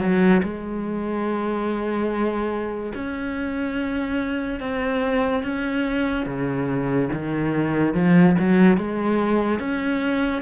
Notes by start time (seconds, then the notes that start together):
0.00 F#3
0.43 G#3
2.95 C#4
4.60 C4
5.44 C#4
6.26 C#3
7.13 D#3
7.94 F3
8.39 F#3
8.77 G#3
9.59 C#4